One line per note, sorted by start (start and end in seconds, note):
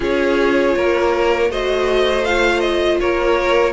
0.00 0.75 C#4
0.00 1.49 F4
0.00 0.75 G#4
0.00 1.51 C#5
0.76 1.50 A#3
0.76 1.50 A#4
1.50 3.00 A3
1.50 2.25 F#4
1.50 3.00 C5
1.50 2.25 D#5
2.25 3.72 F4
2.25 2.60 F5
2.60 2.97 D#5
3.00 3.72 A#3
3.00 3.72 A#4
3.00 3.72 C#5